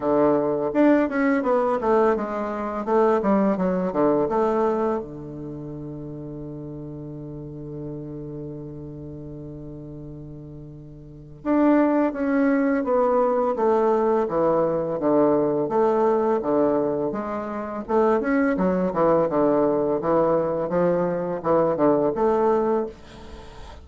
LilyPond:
\new Staff \with { instrumentName = "bassoon" } { \time 4/4 \tempo 4 = 84 d4 d'8 cis'8 b8 a8 gis4 | a8 g8 fis8 d8 a4 d4~ | d1~ | d1 |
d'4 cis'4 b4 a4 | e4 d4 a4 d4 | gis4 a8 cis'8 fis8 e8 d4 | e4 f4 e8 d8 a4 | }